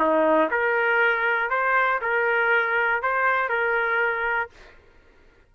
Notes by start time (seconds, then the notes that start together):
0.00 D#4
0.51 A#4
1.50 C5
2.02 A#4
3.03 C5
3.50 A#4